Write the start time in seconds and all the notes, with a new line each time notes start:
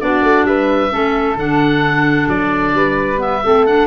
0.00 B3 D4 F#4 D5
0.21 A3
0.44 G3 B4 E5
0.90 A3 C#4 A4
1.35 D3 D4 F#5
2.27 F#3 D5
2.73 G3 B4
3.17 B3 E5
3.44 A3 C4 A4
3.66 D4 F#5